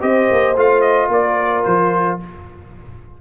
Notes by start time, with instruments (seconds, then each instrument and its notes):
0.00 tuba C4, trombone G4, horn C5, trumpet D#5
0.31 tuba A#3
0.56 tuba A3, trombone F4, trumpet F5
0.81 trumpet D#5
1.08 tuba A#3, horn A#4, trumpet D5
1.63 tuba F3, trumpet C5